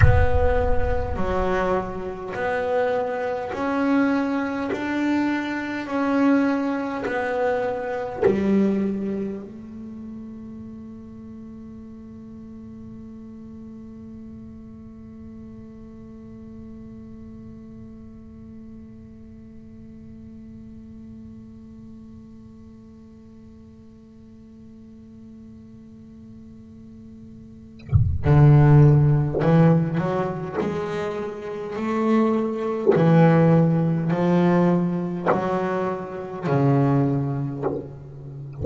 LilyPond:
\new Staff \with { instrumentName = "double bass" } { \time 4/4 \tempo 4 = 51 b4 fis4 b4 cis'4 | d'4 cis'4 b4 g4 | a1~ | a1~ |
a1~ | a1 | d4 e8 fis8 gis4 a4 | e4 f4 fis4 cis4 | }